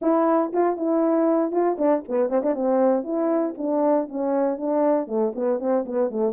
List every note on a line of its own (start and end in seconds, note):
0.01 0.52 E4
0.52 0.77 F4
0.77 1.51 E4
1.51 1.77 F4
1.78 2.03 D4
2.08 2.29 B3
2.29 2.42 C4
2.42 2.54 D4
2.54 3.03 C4
3.03 3.54 E4
3.57 4.08 D4
4.08 4.57 C#4
4.57 5.07 D4
5.07 5.33 A3
5.35 5.59 B3
5.59 5.85 C4
5.85 6.10 B3
6.10 6.32 A3